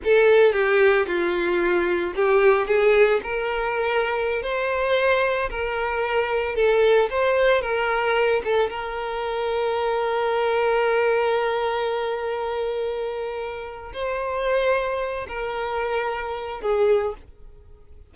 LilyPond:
\new Staff \with { instrumentName = "violin" } { \time 4/4 \tempo 4 = 112 a'4 g'4 f'2 | g'4 gis'4 ais'2~ | ais'16 c''2 ais'4.~ ais'16~ | ais'16 a'4 c''4 ais'4. a'16~ |
a'16 ais'2.~ ais'8.~ | ais'1~ | ais'2 c''2~ | c''8 ais'2~ ais'8 gis'4 | }